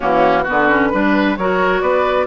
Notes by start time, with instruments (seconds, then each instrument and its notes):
0.00 bassoon E3, clarinet A#3, oboe C#4, flute F#4
0.43 clarinet B3, oboe F#4, flute B4
0.49 bassoon D3
0.69 clarinet C#4
0.92 bassoon G3, clarinet D4, oboe B4
1.37 bassoon F#3, clarinet F#4, oboe A#4, flute C#5
1.81 bassoon B3, oboe B4, flute D5